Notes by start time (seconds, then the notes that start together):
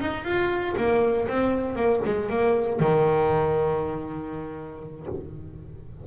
0.00 D#4
0.24 F4
0.77 A#3
1.28 C4
1.76 A#3
2.05 G#3
2.29 A#3
2.80 D#3